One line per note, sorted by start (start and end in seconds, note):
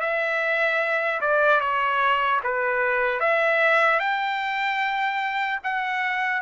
0.00 1.20 E5
1.20 1.60 D5
1.60 2.40 C#5
2.43 3.20 B4
3.20 3.99 E5
3.99 5.59 G5
5.63 6.41 F#5